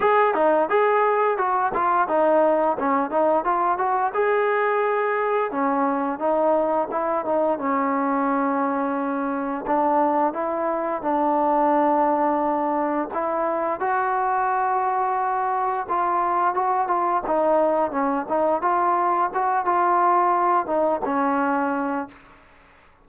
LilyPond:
\new Staff \with { instrumentName = "trombone" } { \time 4/4 \tempo 4 = 87 gis'8 dis'8 gis'4 fis'8 f'8 dis'4 | cis'8 dis'8 f'8 fis'8 gis'2 | cis'4 dis'4 e'8 dis'8 cis'4~ | cis'2 d'4 e'4 |
d'2. e'4 | fis'2. f'4 | fis'8 f'8 dis'4 cis'8 dis'8 f'4 | fis'8 f'4. dis'8 cis'4. | }